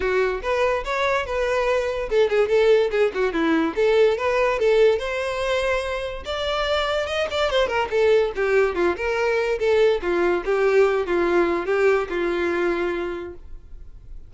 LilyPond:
\new Staff \with { instrumentName = "violin" } { \time 4/4 \tempo 4 = 144 fis'4 b'4 cis''4 b'4~ | b'4 a'8 gis'8 a'4 gis'8 fis'8 | e'4 a'4 b'4 a'4 | c''2. d''4~ |
d''4 dis''8 d''8 c''8 ais'8 a'4 | g'4 f'8 ais'4. a'4 | f'4 g'4. f'4. | g'4 f'2. | }